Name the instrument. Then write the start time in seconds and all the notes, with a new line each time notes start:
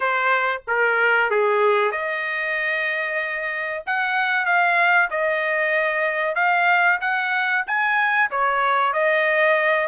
trumpet
0.00 C5
0.67 A#4
1.30 G#4
1.91 D#5
3.86 F#5
4.45 F5
5.10 D#5
6.35 F5
7.00 F#5
7.66 G#5
8.30 C#5
8.93 D#5